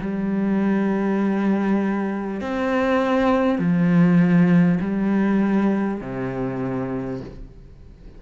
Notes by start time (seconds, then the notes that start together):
0.00 G3
2.40 C4
3.58 F3
4.80 G3
6.01 C3